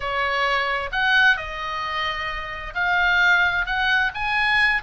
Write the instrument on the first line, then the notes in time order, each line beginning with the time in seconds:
oboe
0.00 C#5
0.92 F#5
1.36 D#5
2.74 F5
3.65 F#5
4.14 G#5